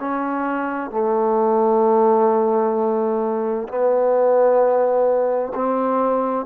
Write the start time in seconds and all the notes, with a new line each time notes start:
0.00 C#4
0.91 A3
3.68 B3
5.55 C4